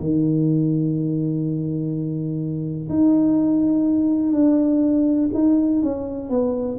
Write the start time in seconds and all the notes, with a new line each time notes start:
0.00 D#3
2.89 D#4
4.33 D4
5.34 D#4
5.83 C#4
6.30 B3